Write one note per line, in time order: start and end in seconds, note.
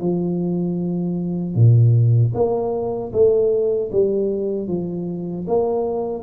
0.00 1.55 F3
1.55 2.33 A#2
2.34 3.12 A#3
3.12 3.90 A3
3.92 4.68 G3
4.68 5.46 F3
5.48 6.23 A#3